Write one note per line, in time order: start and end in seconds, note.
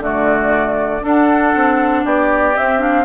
0.00 1.02 D3
0.00 1.01 A3
0.00 1.03 F#4
0.00 1.06 D5
1.01 2.54 D4
1.01 1.55 D4
1.01 2.05 A4
1.01 2.06 F#5
1.55 2.05 C4
2.05 2.56 B3
2.05 3.05 G4
2.05 2.57 D5
2.56 2.79 C4
2.56 3.05 C4
2.56 2.82 E5
2.79 3.05 D4
2.79 3.05 F5